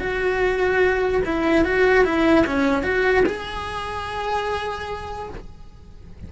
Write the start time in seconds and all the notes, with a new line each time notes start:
0.00 F#4
1.25 E4
1.65 F#4
2.05 E4
2.47 C#4
2.83 F#4
3.26 G#4